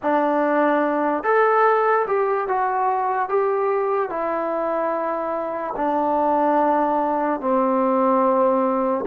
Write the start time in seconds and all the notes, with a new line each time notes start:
0.02 D4
1.23 A4
2.07 G4
2.47 F#4
3.28 G4
4.09 E4
5.76 D4
7.40 C4